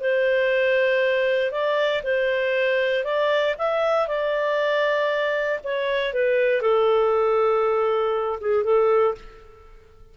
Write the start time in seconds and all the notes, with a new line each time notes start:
0.00 C5
1.51 D5
2.03 C5
3.04 D5
3.58 E5
4.07 D5
5.63 C#5
6.13 B4
6.61 A4
8.40 G#4
8.63 A4